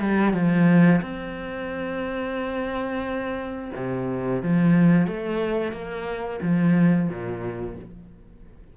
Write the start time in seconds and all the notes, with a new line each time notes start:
0.00 G3
0.33 F3
1.01 C4
3.75 C3
4.42 F3
5.07 A3
5.72 A#3
6.42 F3
7.09 A#2